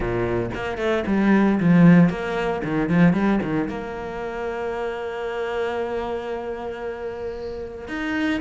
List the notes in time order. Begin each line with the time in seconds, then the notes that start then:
0.00 A#2
0.54 A#3
0.77 A3
1.06 G3
1.60 F3
2.09 A#3
2.64 D#3
2.89 F3
3.13 G3
3.42 D#3
3.68 A#3
7.88 D#4